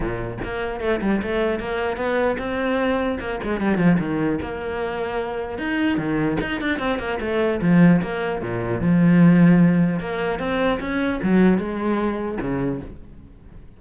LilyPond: \new Staff \with { instrumentName = "cello" } { \time 4/4 \tempo 4 = 150 ais,4 ais4 a8 g8 a4 | ais4 b4 c'2 | ais8 gis8 g8 f8 dis4 ais4~ | ais2 dis'4 dis4 |
dis'8 d'8 c'8 ais8 a4 f4 | ais4 ais,4 f2~ | f4 ais4 c'4 cis'4 | fis4 gis2 cis4 | }